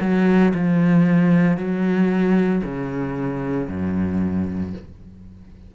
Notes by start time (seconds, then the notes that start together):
0.00 F#3
0.54 F3
1.57 F#3
2.64 C#3
3.68 F#2